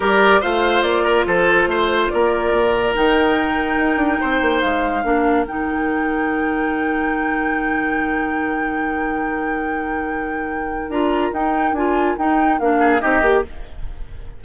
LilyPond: <<
  \new Staff \with { instrumentName = "flute" } { \time 4/4 \tempo 4 = 143 d''4 f''4 d''4 c''4~ | c''4 d''2 g''4~ | g''2. f''4~ | f''4 g''2.~ |
g''1~ | g''1~ | g''2 ais''4 g''4 | gis''4 g''4 f''4 dis''4 | }
  \new Staff \with { instrumentName = "oboe" } { \time 4/4 ais'4 c''4. ais'8 a'4 | c''4 ais'2.~ | ais'2 c''2 | ais'1~ |
ais'1~ | ais'1~ | ais'1~ | ais'2~ ais'8 gis'8 g'4 | }
  \new Staff \with { instrumentName = "clarinet" } { \time 4/4 g'4 f'2.~ | f'2. dis'4~ | dis'1 | d'4 dis'2.~ |
dis'1~ | dis'1~ | dis'2 f'4 dis'4 | f'4 dis'4 d'4 dis'8 g'8 | }
  \new Staff \with { instrumentName = "bassoon" } { \time 4/4 g4 a4 ais4 f4 | a4 ais4 ais,4 dis4~ | dis4 dis'8 d'8 c'8 ais8 gis4 | ais4 dis2.~ |
dis1~ | dis1~ | dis2 d'4 dis'4 | d'4 dis'4 ais4 c'8 ais8 | }
>>